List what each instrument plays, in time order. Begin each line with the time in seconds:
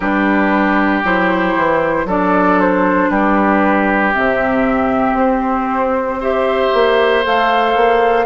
0.00 bassoon G3, clarinet D4, oboe G4, flute B4
1.03 bassoon F#3, clarinet E4, flute C5
1.56 bassoon E3
2.05 bassoon F#3, clarinet D4, oboe A4, flute D5
2.60 flute C5
3.09 bassoon G3, oboe G4, flute B4
4.13 bassoon C3, clarinet C4, flute E5
5.13 bassoon C4, flute C5
6.20 clarinet G4, oboe C5, flute E5
6.73 bassoon A#3
7.22 bassoon A3, clarinet A4, flute F5
7.75 bassoon A#3